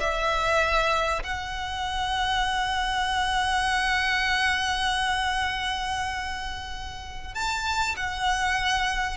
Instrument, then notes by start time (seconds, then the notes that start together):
violin
0.00 E5
1.23 F#5
7.34 A5
7.96 F#5